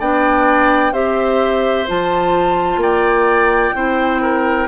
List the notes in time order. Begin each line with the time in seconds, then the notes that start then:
0.00 B3 D4 D5 G5
0.92 C4 G4 C5 E5
1.87 F3 F4 A5
2.77 A#3 D5 G5
3.75 C4 E4 C5
4.22 A#4